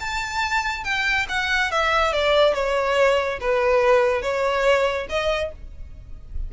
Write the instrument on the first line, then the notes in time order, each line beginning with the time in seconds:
violin
0.00 A5
0.84 G5
1.29 F#5
1.71 E5
2.13 D5
2.54 C#5
3.40 B4
4.22 C#5
5.09 D#5